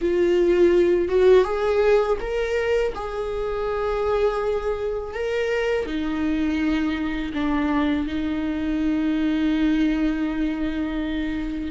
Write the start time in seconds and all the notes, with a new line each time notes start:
0.01 F4
1.08 F#4
1.44 G#4
2.20 A#4
2.94 G#4
5.14 A#4
5.85 D#4
7.33 D4
8.06 D#4